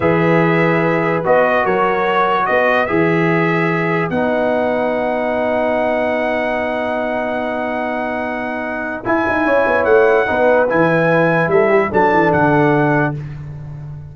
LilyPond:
<<
  \new Staff \with { instrumentName = "trumpet" } { \time 4/4 \tempo 4 = 146 e''2. dis''4 | cis''2 dis''4 e''4~ | e''2 fis''2~ | fis''1~ |
fis''1~ | fis''2 gis''2 | fis''2 gis''2 | e''4 a''4 fis''2 | }
  \new Staff \with { instrumentName = "horn" } { \time 4/4 b'1 | ais'2 b'2~ | b'1~ | b'1~ |
b'1~ | b'2. cis''4~ | cis''4 b'2. | a'8 g'8 a'2. | }
  \new Staff \with { instrumentName = "trombone" } { \time 4/4 gis'2. fis'4~ | fis'2. gis'4~ | gis'2 dis'2~ | dis'1~ |
dis'1~ | dis'2 e'2~ | e'4 dis'4 e'2~ | e'4 d'2. | }
  \new Staff \with { instrumentName = "tuba" } { \time 4/4 e2. b4 | fis2 b4 e4~ | e2 b2~ | b1~ |
b1~ | b2 e'8 dis'8 cis'8 b8 | a4 b4 e2 | g4 fis8 e8 d2 | }
>>